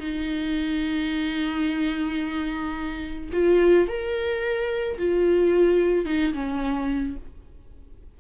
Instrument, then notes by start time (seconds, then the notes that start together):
viola
0.00 D#4
3.33 F4
3.88 A#4
4.98 F4
6.06 D#4
6.34 C#4